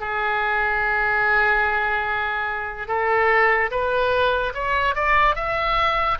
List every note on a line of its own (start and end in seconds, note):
0.00 2.88 G#4
2.88 3.70 A4
3.71 4.53 B4
4.54 4.95 C#5
4.95 5.35 D5
5.35 6.17 E5